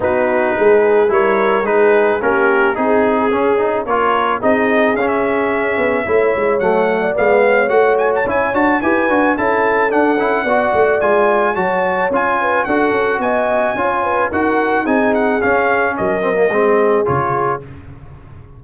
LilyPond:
<<
  \new Staff \with { instrumentName = "trumpet" } { \time 4/4 \tempo 4 = 109 b'2 cis''4 b'4 | ais'4 gis'2 cis''4 | dis''4 f''16 e''2~ e''8. | fis''4 f''4 fis''8 gis''16 a''16 gis''8 a''8 |
gis''4 a''4 fis''2 | gis''4 a''4 gis''4 fis''4 | gis''2 fis''4 gis''8 fis''8 | f''4 dis''2 cis''4 | }
  \new Staff \with { instrumentName = "horn" } { \time 4/4 fis'4 gis'4 ais'4 gis'4 | g'4 gis'2 ais'4 | gis'2. cis''4~ | cis''8. d''8. cis''2~ cis''8 |
b'4 a'2 d''4~ | d''4 cis''4. b'8 a'4 | dis''4 cis''8 b'8 ais'4 gis'4~ | gis'4 ais'4 gis'2 | }
  \new Staff \with { instrumentName = "trombone" } { \time 4/4 dis'2 e'4 dis'4 | cis'4 dis'4 cis'8 dis'8 f'4 | dis'4 cis'2 e'4 | a4 b4 fis'4 e'8 fis'8 |
g'8 fis'8 e'4 d'8 e'8 fis'4 | f'4 fis'4 f'4 fis'4~ | fis'4 f'4 fis'4 dis'4 | cis'4. c'16 ais16 c'4 f'4 | }
  \new Staff \with { instrumentName = "tuba" } { \time 4/4 b4 gis4 g4 gis4 | ais4 c'4 cis'4 ais4 | c'4 cis'4. b8 a8 gis8 | fis4 gis4 a4 cis'8 d'8 |
e'8 d'8 cis'4 d'8 cis'8 b8 a8 | gis4 fis4 cis'4 d'8 cis'8 | b4 cis'4 dis'4 c'4 | cis'4 fis4 gis4 cis4 | }
>>